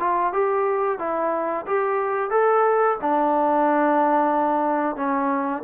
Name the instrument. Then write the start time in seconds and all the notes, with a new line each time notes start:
trombone
0.00 F4
0.33 G4
0.99 E4
1.67 G4
2.31 A4
3.02 D4
4.96 C#4